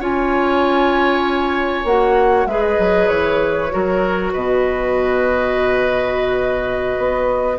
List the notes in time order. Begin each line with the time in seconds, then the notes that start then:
0.00 C#4 F4 C#5 G#5
1.85 A#3 F#4 F#5
2.46 G#3 G#4 B4 E5
2.63 D#5
2.79 F#3
3.09 E3 C#5
3.70 F#3 F#4 A#4
4.33 B2 B4 D#5
6.98 B3